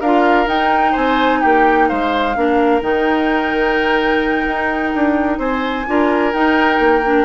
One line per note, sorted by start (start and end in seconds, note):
0.00 0.47 D4
0.00 0.46 F4
0.00 0.92 A#4
0.00 0.47 F5
0.46 2.34 D#4
0.46 0.94 D#4
0.46 0.95 G5
0.92 1.43 C4
0.92 1.38 C5
0.92 1.41 G#5
1.41 1.91 A#3
1.41 1.88 G4
1.41 1.88 G5
1.88 2.36 G#3
1.88 2.35 C5
1.88 2.82 F5
2.36 2.81 A#3
2.36 2.81 D4
2.36 5.39 A#4
2.81 4.46 D#3
2.81 5.86 D#4
2.81 5.39 G5
4.46 4.93 D#4
4.94 5.38 D4
5.38 5.85 C4
5.38 5.85 C5
5.38 6.33 G#5
5.87 6.34 D4
5.87 6.33 F4
5.87 7.25 A#4
6.33 7.03 D#4
6.33 6.79 D#4
6.33 7.25 G5
6.79 7.25 A#3
7.04 7.25 D4